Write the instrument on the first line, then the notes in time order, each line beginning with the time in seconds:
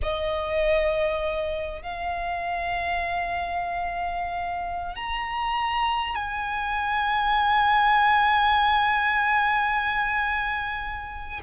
violin
0.02 D#5
1.81 F5
4.95 A#5
6.15 G#5